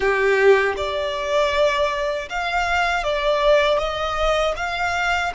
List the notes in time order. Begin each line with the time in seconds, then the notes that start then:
0.00 G4
0.77 D5
2.29 F5
3.03 D5
3.78 D#5
4.56 F5